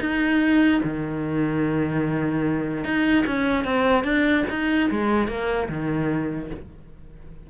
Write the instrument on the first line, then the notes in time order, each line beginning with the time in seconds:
cello
0.00 D#4
0.83 D#3
2.84 D#4
3.26 C#4
3.64 C4
4.04 D4
4.49 D#4
4.91 G#3
5.28 A#3
5.68 D#3